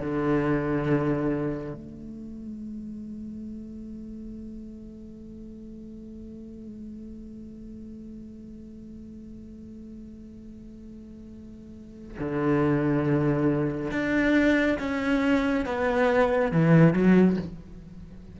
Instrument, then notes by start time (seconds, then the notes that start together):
cello
0.00 D3
1.74 A3
12.19 D3
13.91 D4
14.79 C#4
15.66 B3
16.52 E3
16.94 F#3